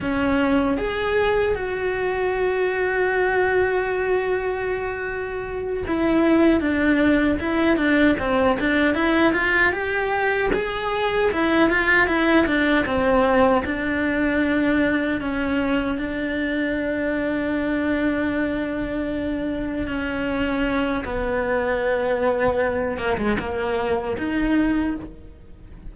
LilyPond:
\new Staff \with { instrumentName = "cello" } { \time 4/4 \tempo 4 = 77 cis'4 gis'4 fis'2~ | fis'2.~ fis'8 e'8~ | e'8 d'4 e'8 d'8 c'8 d'8 e'8 | f'8 g'4 gis'4 e'8 f'8 e'8 |
d'8 c'4 d'2 cis'8~ | cis'8 d'2.~ d'8~ | d'4. cis'4. b4~ | b4. ais16 gis16 ais4 dis'4 | }